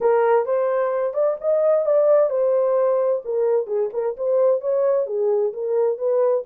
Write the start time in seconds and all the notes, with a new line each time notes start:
0.01 A#4
0.45 C5
1.13 D5
1.41 D#5
1.85 D5
2.30 C5
3.24 A#4
3.67 G#4
3.93 A#4
4.16 C5
4.60 C#5
5.06 G#4
5.53 A#4
5.97 B4